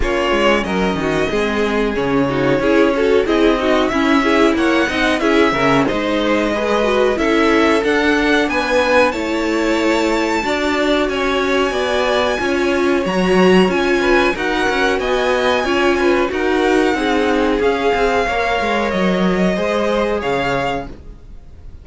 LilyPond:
<<
  \new Staff \with { instrumentName = "violin" } { \time 4/4 \tempo 4 = 92 cis''4 dis''2 cis''4~ | cis''4 dis''4 e''4 fis''4 | e''4 dis''2 e''4 | fis''4 gis''4 a''2~ |
a''4 gis''2. | ais''4 gis''4 fis''4 gis''4~ | gis''4 fis''2 f''4~ | f''4 dis''2 f''4 | }
  \new Staff \with { instrumentName = "violin" } { \time 4/4 f'4 ais'8 fis'8 gis'4. fis'8 | gis'8 a'8 gis'8 fis'8 e'8 gis'8 cis''8 dis''8 | gis'8 ais'8 c''4 b'4 a'4~ | a'4 b'4 cis''2 |
d''4 cis''4 d''4 cis''4~ | cis''4. b'8 ais'4 dis''4 | cis''8 b'8 ais'4 gis'2 | cis''2 c''4 cis''4 | }
  \new Staff \with { instrumentName = "viola" } { \time 4/4 cis'2 c'4 cis'8 dis'8 | e'8 fis'8 e'8 dis'8 cis'8 e'4 dis'8 | e'8 cis'8 dis'4 gis'8 fis'8 e'4 | d'2 e'2 |
fis'2. f'4 | fis'4 f'4 fis'2 | f'4 fis'4 dis'4 gis'4 | ais'2 gis'2 | }
  \new Staff \with { instrumentName = "cello" } { \time 4/4 ais8 gis8 fis8 dis8 gis4 cis4 | cis'4 c'4 cis'4 ais8 c'8 | cis'8 cis8 gis2 cis'4 | d'4 b4 a2 |
d'4 cis'4 b4 cis'4 | fis4 cis'4 dis'8 cis'8 b4 | cis'4 dis'4 c'4 cis'8 c'8 | ais8 gis8 fis4 gis4 cis4 | }
>>